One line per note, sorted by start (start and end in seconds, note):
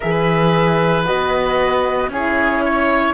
0.00 1.07 E3
0.00 1.06 G#4
0.00 2.09 B4
0.00 1.04 E5
1.05 2.07 B3
1.05 2.11 F#4
1.05 2.10 D#5
2.07 3.13 C#4
2.07 3.14 E4
2.07 2.64 G#4
2.07 3.14 C#5
2.65 3.14 C#5